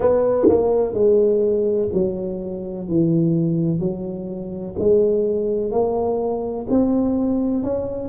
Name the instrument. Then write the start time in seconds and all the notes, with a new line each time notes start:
tuba
0.00 B3
0.48 A#3
0.93 G#3
1.93 F#3
2.88 E3
3.79 F#3
4.79 G#3
5.71 A#3
6.69 C4
7.63 C#4